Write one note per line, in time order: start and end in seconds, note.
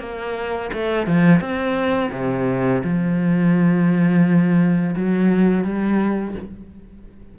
0.00 0.71 A#3
0.73 1.07 A3
1.07 1.41 F3
1.41 2.11 C4
2.12 2.83 C3
2.84 4.96 F3
4.96 5.64 F#3
5.64 6.35 G3